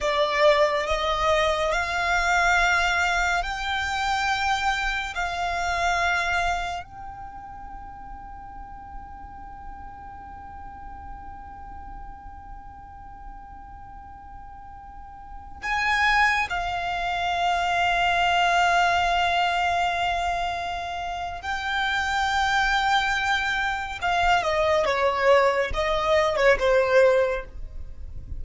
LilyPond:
\new Staff \with { instrumentName = "violin" } { \time 4/4 \tempo 4 = 70 d''4 dis''4 f''2 | g''2 f''2 | g''1~ | g''1~ |
g''2~ g''16 gis''4 f''8.~ | f''1~ | f''4 g''2. | f''8 dis''8 cis''4 dis''8. cis''16 c''4 | }